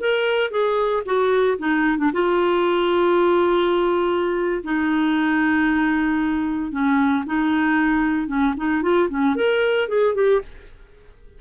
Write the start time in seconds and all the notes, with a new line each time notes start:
0.00 A#4
0.50 G#4
1.05 F#4
1.58 D#4
1.98 D4
2.13 F4
4.63 D#4
6.71 C#4
7.26 D#4
8.27 C#4
8.56 D#4
8.82 F4
9.09 C#4
9.36 A#4
9.88 G#4
10.15 G4